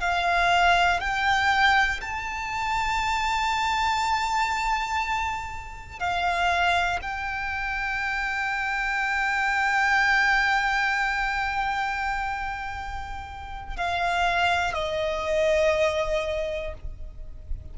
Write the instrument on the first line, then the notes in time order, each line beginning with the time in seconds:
violin
0.00 F5
1.00 G5
2.00 A5
5.99 F5
7.01 G5
13.76 F5
14.73 D#5